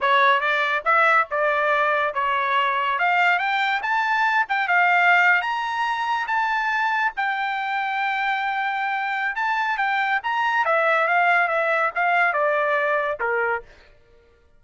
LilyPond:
\new Staff \with { instrumentName = "trumpet" } { \time 4/4 \tempo 4 = 141 cis''4 d''4 e''4 d''4~ | d''4 cis''2 f''4 | g''4 a''4. g''8 f''4~ | f''8. ais''2 a''4~ a''16~ |
a''8. g''2.~ g''16~ | g''2 a''4 g''4 | ais''4 e''4 f''4 e''4 | f''4 d''2 ais'4 | }